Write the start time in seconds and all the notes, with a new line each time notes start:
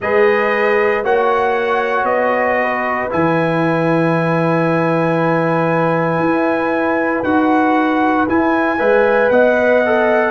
0.00 G#3 G#4 B4 D#5
1.03 A#3 F#4 C#5 F#5
2.03 B3 D#5
2.61 B4
3.10 E3 E4 G#5
6.19 E4
7.23 D#4 F#4 F#5
8.28 E4 G#5
8.78 G#3 B4 E5
9.30 B3 D#5 F#5
9.85 A4